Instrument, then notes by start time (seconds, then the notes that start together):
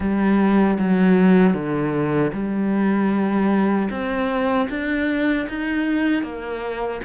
cello
0.00 G3
0.79 F#3
1.53 D3
2.33 G3
3.90 C4
4.69 D4
5.48 D#4
6.22 A#3